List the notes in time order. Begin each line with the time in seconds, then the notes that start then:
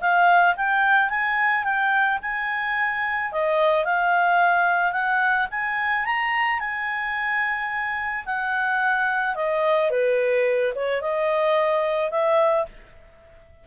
0.00 F5
0.56 G5
1.09 G#5
1.64 G5
2.22 G#5
3.32 D#5
3.85 F5
4.92 F#5
5.50 G#5
6.05 A#5
6.60 G#5
8.25 F#5
9.35 D#5
9.90 B4
10.75 C#5
11.01 D#5
12.11 E5